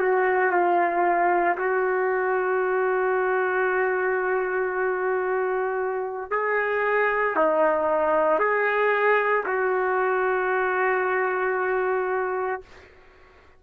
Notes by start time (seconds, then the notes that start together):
0.00 F#4
0.52 F4
1.58 F#4
6.31 G#4
7.36 D#4
8.39 G#4
9.46 F#4